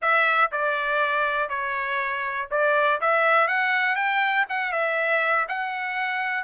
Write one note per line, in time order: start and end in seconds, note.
0.01 0.51 E5
0.51 1.49 D5
1.49 2.48 C#5
2.50 3.00 D5
3.00 3.47 E5
3.47 3.95 F#5
3.95 4.45 G5
4.49 4.72 F#5
4.72 5.46 E5
5.48 6.43 F#5